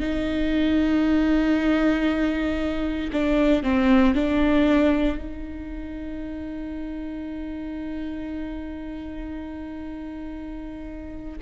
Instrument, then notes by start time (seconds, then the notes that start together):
viola
0.00 D#4
3.13 D4
3.63 C4
4.15 D4
5.18 D#4